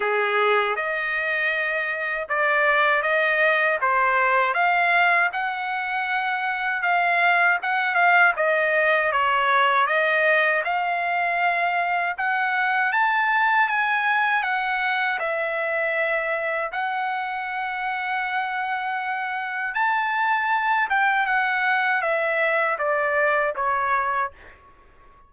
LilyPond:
\new Staff \with { instrumentName = "trumpet" } { \time 4/4 \tempo 4 = 79 gis'4 dis''2 d''4 | dis''4 c''4 f''4 fis''4~ | fis''4 f''4 fis''8 f''8 dis''4 | cis''4 dis''4 f''2 |
fis''4 a''4 gis''4 fis''4 | e''2 fis''2~ | fis''2 a''4. g''8 | fis''4 e''4 d''4 cis''4 | }